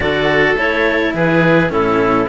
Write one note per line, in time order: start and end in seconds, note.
0.00 0.54 D3
0.00 0.55 F#4
0.00 1.15 A4
0.00 0.57 D5
0.56 1.13 A3
0.56 1.69 E4
0.56 1.15 C#5
1.13 1.70 E3
1.13 1.72 G#4
1.13 1.71 B4
1.69 2.27 A2
1.69 2.26 C#4
1.69 2.28 E4
1.69 2.28 A4